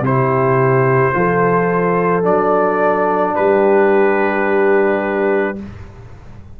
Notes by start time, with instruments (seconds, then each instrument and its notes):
0.00 tuba C3, trombone E4, horn G4, trumpet C5
1.13 tuba F3, trombone F4, horn A4
2.22 tuba F#3, trombone D4, trumpet D5
3.35 tuba G3, horn G4, trumpet B4